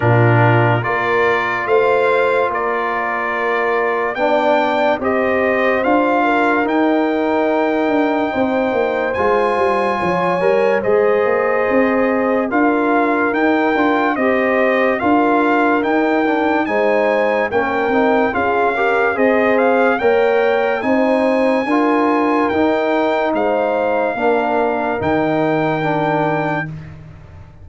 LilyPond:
<<
  \new Staff \with { instrumentName = "trumpet" } { \time 4/4 \tempo 4 = 72 ais'4 d''4 f''4 d''4~ | d''4 g''4 dis''4 f''4 | g''2. gis''4~ | gis''4 dis''2 f''4 |
g''4 dis''4 f''4 g''4 | gis''4 g''4 f''4 dis''8 f''8 | g''4 gis''2 g''4 | f''2 g''2 | }
  \new Staff \with { instrumentName = "horn" } { \time 4/4 f'4 ais'4 c''4 ais'4~ | ais'4 d''4 c''4. ais'8~ | ais'2 c''2 | cis''4 c''2 ais'4~ |
ais'4 c''4 ais'2 | c''4 ais'4 gis'8 ais'8 c''4 | cis''4 c''4 ais'2 | c''4 ais'2. | }
  \new Staff \with { instrumentName = "trombone" } { \time 4/4 d'4 f'2.~ | f'4 d'4 g'4 f'4 | dis'2. f'4~ | f'8 ais'8 gis'2 f'4 |
dis'8 f'8 g'4 f'4 dis'8 d'8 | dis'4 cis'8 dis'8 f'8 g'8 gis'4 | ais'4 dis'4 f'4 dis'4~ | dis'4 d'4 dis'4 d'4 | }
  \new Staff \with { instrumentName = "tuba" } { \time 4/4 ais,4 ais4 a4 ais4~ | ais4 b4 c'4 d'4 | dis'4. d'8 c'8 ais8 gis8 g8 | f8 g8 gis8 ais8 c'4 d'4 |
dis'8 d'8 c'4 d'4 dis'4 | gis4 ais8 c'8 cis'4 c'4 | ais4 c'4 d'4 dis'4 | gis4 ais4 dis2 | }
>>